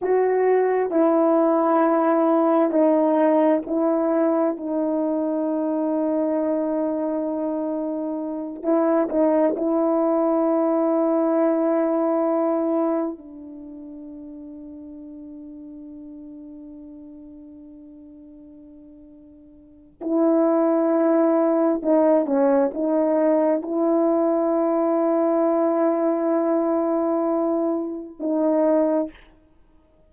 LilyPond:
\new Staff \with { instrumentName = "horn" } { \time 4/4 \tempo 4 = 66 fis'4 e'2 dis'4 | e'4 dis'2.~ | dis'4. e'8 dis'8 e'4.~ | e'2~ e'8 d'4.~ |
d'1~ | d'2 e'2 | dis'8 cis'8 dis'4 e'2~ | e'2. dis'4 | }